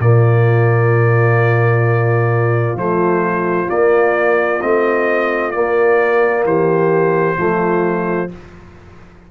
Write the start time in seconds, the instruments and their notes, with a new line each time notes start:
0.00 tuba A#2, trombone A#3, horn F4, trumpet D5
2.75 tuba F3, trombone A3, trumpet C5
3.68 trombone A#3, tuba A#3, trumpet D5
4.62 tuba A3, trombone C4, trumpet D#5
5.52 trombone A#3, tuba A#3, trumpet D5
6.45 tuba E3, horn G4, trumpet C5
7.37 tuba F3, trombone A3, horn F4